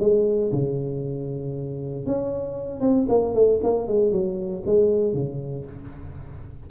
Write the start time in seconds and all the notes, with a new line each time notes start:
0.00 G#3
0.52 C#3
2.06 C#4
2.81 C4
3.09 A#3
3.35 A3
3.63 A#3
3.88 G#3
4.12 F#3
4.66 G#3
5.14 C#3